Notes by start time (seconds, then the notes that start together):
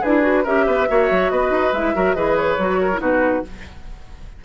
0.00 D4 E4 G#4 B4
0.21 F#4
0.43 C#4 G4 A#4 E5
0.66 B3 B4
0.88 A#3 F#4 C#5
1.10 F#3
1.30 B3 B4 D#5
1.50 D#4
1.72 G#3 E4 E5
1.95 F#3 F#4 A#4
2.14 E3 G#4 B4 D#5
2.36 C#5
2.57 F#3 F#4
2.80 A#4
2.93 E4
2.99 B2 D#4 F#4 B4